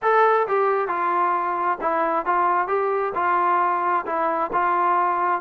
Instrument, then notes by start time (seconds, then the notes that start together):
trombone
0.02 A4
0.47 G4
0.88 F4
1.81 E4
2.25 F4
2.67 G4
3.15 F4
4.05 E4
4.52 F4